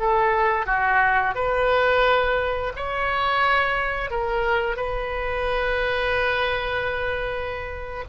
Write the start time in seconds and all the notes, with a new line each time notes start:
0.00 A4
0.66 F#4
1.35 B4
2.76 C#5
4.11 A#4
4.77 B4